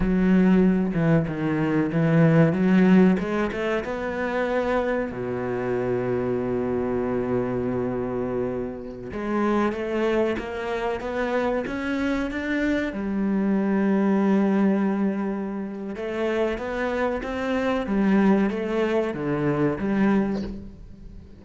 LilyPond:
\new Staff \with { instrumentName = "cello" } { \time 4/4 \tempo 4 = 94 fis4. e8 dis4 e4 | fis4 gis8 a8 b2 | b,1~ | b,2~ b,16 gis4 a8.~ |
a16 ais4 b4 cis'4 d'8.~ | d'16 g2.~ g8.~ | g4 a4 b4 c'4 | g4 a4 d4 g4 | }